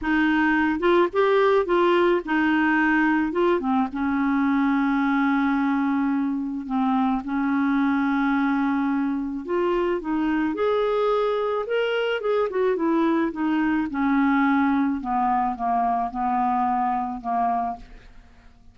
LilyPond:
\new Staff \with { instrumentName = "clarinet" } { \time 4/4 \tempo 4 = 108 dis'4. f'8 g'4 f'4 | dis'2 f'8 c'8 cis'4~ | cis'1 | c'4 cis'2.~ |
cis'4 f'4 dis'4 gis'4~ | gis'4 ais'4 gis'8 fis'8 e'4 | dis'4 cis'2 b4 | ais4 b2 ais4 | }